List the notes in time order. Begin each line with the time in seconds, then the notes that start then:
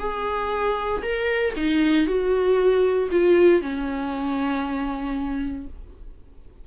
0.00 G#4
1.03 A#4
1.57 D#4
2.07 F#4
3.12 F4
3.62 C#4